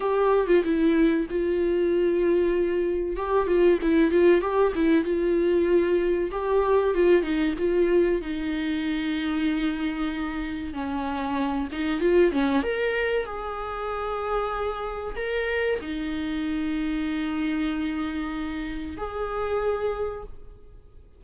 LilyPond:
\new Staff \with { instrumentName = "viola" } { \time 4/4 \tempo 4 = 95 g'8. f'16 e'4 f'2~ | f'4 g'8 f'8 e'8 f'8 g'8 e'8 | f'2 g'4 f'8 dis'8 | f'4 dis'2.~ |
dis'4 cis'4. dis'8 f'8 cis'8 | ais'4 gis'2. | ais'4 dis'2.~ | dis'2 gis'2 | }